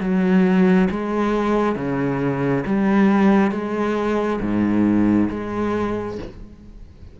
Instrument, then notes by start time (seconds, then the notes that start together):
cello
0.00 F#3
0.90 G#3
1.75 C#3
2.66 G3
3.51 G#3
4.41 G#2
5.30 G#3